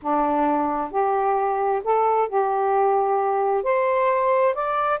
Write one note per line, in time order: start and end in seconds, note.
0.02 0.91 D4
0.91 1.82 G4
1.84 2.28 A4
2.28 3.63 G4
3.63 4.54 C5
4.54 4.99 D5